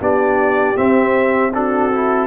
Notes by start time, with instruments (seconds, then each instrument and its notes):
0.00 tuba B3, trombone D4, horn G4, trumpet D5
0.76 trombone C4, tuba C4, trumpet E5
1.53 trombone D4, horn F#4, trumpet A4
1.92 trombone E4